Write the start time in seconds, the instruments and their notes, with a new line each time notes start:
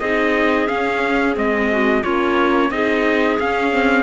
0.00 cello C4, viola D#4, clarinet G#4, trumpet D#5
0.68 viola C#4, cello C#4, trumpet F5
1.35 cello G#3, viola C4, trumpet D#5
1.71 clarinet F#4
2.02 cello A#3, viola C#4, clarinet F4, trumpet C#5
2.71 cello C4, viola D#4, clarinet G#4, trumpet D#5
3.40 cello C#4, viola C#4, trumpet F5
3.72 viola C4